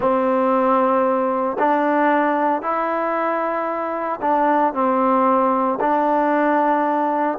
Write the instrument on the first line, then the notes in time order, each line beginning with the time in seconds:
trombone
0.00 C4
1.58 D4
2.61 E4
4.21 D4
4.73 C4
5.80 D4